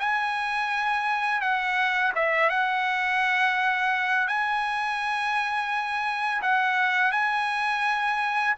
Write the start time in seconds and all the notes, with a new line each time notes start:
0.00 G#5
1.42 F#5
2.16 E5
2.50 F#5
4.28 G#5
6.42 F#5
7.12 G#5